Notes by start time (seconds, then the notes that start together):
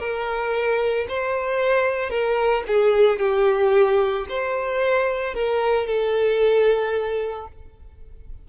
0.00 A#4
1.09 C5
2.11 A#4
2.68 G#4
3.20 G4
4.29 C5
5.35 A#4
5.87 A4